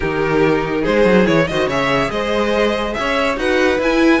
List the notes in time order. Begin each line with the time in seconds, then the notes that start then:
0.00 D#3 D#4 G4 A#4
0.81 G#3 G#4 C5
1.05 F#3
1.23 E3 E4 C#5
1.47 D#3 F#4 C5 D#5
1.66 C#3 G#4 C#5 E5
2.10 G#3 C5 D#5
2.93 C#4 C#5 E5
3.36 D#4 F#4 B4 F#5
3.79 E4 G#5